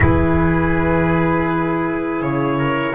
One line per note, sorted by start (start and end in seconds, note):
0.00 2.20 E3
0.00 2.94 E4
0.00 2.58 G#4
0.00 2.21 B4
2.20 2.94 C#3
2.20 2.94 C#5
2.58 2.94 A#4